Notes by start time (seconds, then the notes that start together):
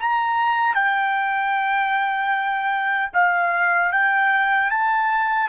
0.00 A#5
0.75 G5
3.14 F5
3.92 G5
4.70 A5